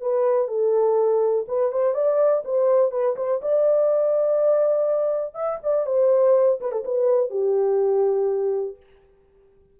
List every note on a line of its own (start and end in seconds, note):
0.00 0.47 B4
0.47 1.45 A4
1.48 1.71 B4
1.71 1.94 C5
1.94 2.43 D5
2.44 2.91 C5
2.91 3.16 B4
3.16 3.40 C5
3.41 5.34 D5
5.34 5.59 E5
5.63 5.86 D5
5.86 6.59 C5
6.60 6.71 B4
6.71 6.84 A4
6.84 7.30 B4
7.30 8.76 G4